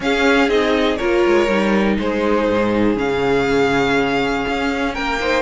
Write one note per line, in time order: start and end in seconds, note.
0.00 0.49 C#4
0.00 0.98 G#4
0.00 0.49 F5
0.49 0.98 C4
0.49 0.99 D#4
0.49 0.96 D#5
0.96 1.25 A#3
0.96 1.48 F4
0.96 1.97 A#4
0.96 1.95 C#5
1.26 1.48 G#3
1.48 1.98 G3
1.48 2.96 D#4
1.98 2.48 G#3
1.98 4.93 G#4
1.98 2.97 C5
2.49 2.96 G#2
2.96 4.45 C#3
2.96 5.19 C#4
2.96 4.94 F5
4.48 4.97 C#4
4.93 5.41 A#3
4.93 5.18 A#4
4.93 5.41 G5
5.20 5.41 D#4
5.20 5.41 C5